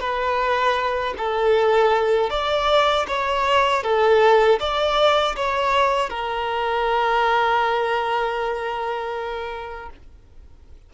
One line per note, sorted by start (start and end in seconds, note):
0.00 1.14 B4
1.18 2.30 A4
2.30 3.06 D5
3.08 3.83 C#5
3.83 4.59 A4
4.59 5.35 D5
5.36 6.10 C#5
6.10 9.89 A#4